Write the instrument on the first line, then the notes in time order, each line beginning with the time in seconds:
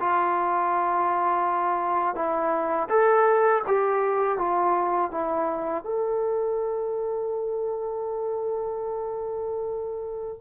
trombone
0.00 F4
2.15 E4
2.89 A4
3.67 G4
4.38 F4
5.11 E4
5.84 A4